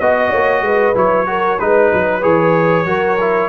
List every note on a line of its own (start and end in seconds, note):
0.00 0.32 B3
0.00 0.95 F#4
0.00 0.96 D#5
0.00 0.30 D#5
0.30 0.61 A#3
0.30 0.62 C#5
0.61 0.93 G#3
0.61 1.28 B4
0.95 1.60 F#3
0.95 1.27 E4
0.95 1.60 C#5
1.27 1.59 F#4
1.27 1.60 A#4
1.60 1.93 G#3
1.60 2.22 D#4
1.60 2.23 B4
1.60 2.87 B4
1.93 2.24 F#3
2.22 2.86 E3
2.22 2.86 G#4
2.22 3.49 C#5
2.86 3.49 F#3
2.86 3.18 F#4
2.86 3.49 A#4
3.21 3.49 E4